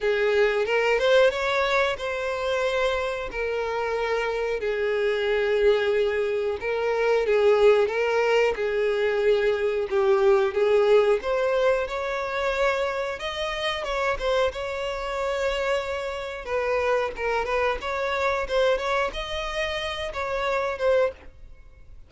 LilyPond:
\new Staff \with { instrumentName = "violin" } { \time 4/4 \tempo 4 = 91 gis'4 ais'8 c''8 cis''4 c''4~ | c''4 ais'2 gis'4~ | gis'2 ais'4 gis'4 | ais'4 gis'2 g'4 |
gis'4 c''4 cis''2 | dis''4 cis''8 c''8 cis''2~ | cis''4 b'4 ais'8 b'8 cis''4 | c''8 cis''8 dis''4. cis''4 c''8 | }